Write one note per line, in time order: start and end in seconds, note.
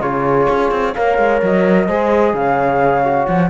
0.00 0.47 C#3
0.00 0.94 F4
0.00 0.93 G#4
0.00 0.94 C#5
0.49 0.71 C#4
0.71 0.94 C4
0.94 1.18 A#3
0.94 1.88 A#4
0.94 1.86 C#5
0.94 1.40 F5
1.18 1.41 G#3
1.42 1.88 F#3
1.42 2.35 D#5
1.86 2.33 G#3
1.86 3.04 G#4
1.86 2.33 C5
2.33 3.26 C#3
2.33 3.49 C#5
2.33 3.25 F5
3.04 3.49 F#4
3.25 3.49 F3
3.25 3.49 F#5